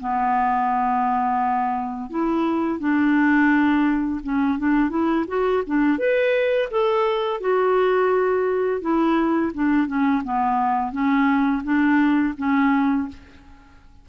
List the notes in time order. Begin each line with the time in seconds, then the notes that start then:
0.00 B3
2.10 E4
2.80 D4
4.23 C#4
4.59 D4
4.90 E4
5.28 F#4
5.66 D4
5.98 B4
6.71 A4
7.41 F#4
8.81 E4
9.54 D4
9.87 C#4
10.24 B3
10.92 C#4
11.63 D4
12.38 C#4